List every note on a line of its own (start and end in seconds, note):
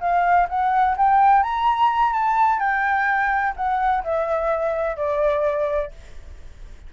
0.00 0.47 F5
0.49 0.96 F#5
0.97 1.43 G5
1.43 2.13 A#5
2.13 2.59 A5
2.59 3.54 G5
3.56 4.04 F#5
4.04 4.97 E5
4.97 5.91 D5